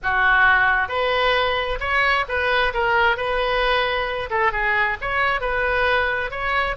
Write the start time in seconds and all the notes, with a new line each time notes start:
0.02 F#4
0.88 B4
1.80 C#5
2.28 B4
2.73 A#4
3.16 B4
4.30 A4
4.52 G#4
5.01 C#5
5.40 B4
6.31 C#5